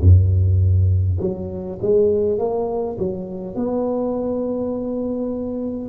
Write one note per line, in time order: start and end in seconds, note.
0.00 1.18 F#2
1.20 1.79 F#3
1.81 2.38 G#3
2.38 2.97 A#3
2.98 3.55 F#3
3.55 5.88 B3